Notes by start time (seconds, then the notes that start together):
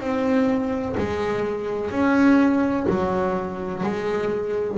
0.00 C4
0.97 G#3
1.91 C#4
2.89 F#3
3.83 G#3